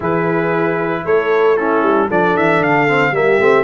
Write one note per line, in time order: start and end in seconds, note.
0.00 1.04 E3
0.00 1.57 E4
0.00 1.02 G#4
0.00 1.06 B4
1.04 1.82 A3
1.04 1.57 A4
1.04 1.57 C#5
1.57 2.10 C#4
1.57 2.07 E4
1.57 2.09 A4
1.82 2.08 G3
2.07 2.35 F3
2.07 2.88 D4
2.07 3.11 A4
2.07 2.37 D5
2.35 2.59 E3
2.35 2.63 E5
2.59 3.11 D3
2.59 3.15 F5
2.88 3.13 C4
3.11 3.37 G3
3.11 3.39 A#3
3.11 3.64 G4
3.11 3.64 E5
3.39 3.64 A3
3.39 3.64 C4